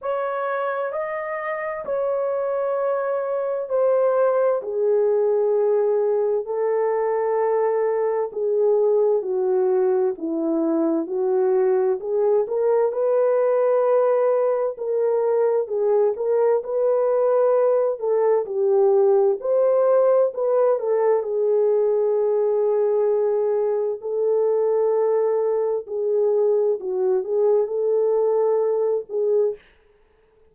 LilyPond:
\new Staff \with { instrumentName = "horn" } { \time 4/4 \tempo 4 = 65 cis''4 dis''4 cis''2 | c''4 gis'2 a'4~ | a'4 gis'4 fis'4 e'4 | fis'4 gis'8 ais'8 b'2 |
ais'4 gis'8 ais'8 b'4. a'8 | g'4 c''4 b'8 a'8 gis'4~ | gis'2 a'2 | gis'4 fis'8 gis'8 a'4. gis'8 | }